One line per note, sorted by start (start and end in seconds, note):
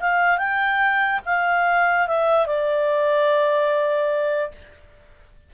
0.00 0.38 F5
0.38 1.20 G5
1.25 2.07 F5
2.07 2.46 E5
2.46 4.51 D5